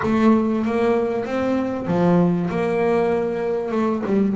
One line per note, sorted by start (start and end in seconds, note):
0.03 0.65 A3
0.65 1.25 A#3
1.25 1.87 C4
1.87 2.49 F3
2.50 3.71 A#3
3.71 4.03 A3
4.06 4.36 G3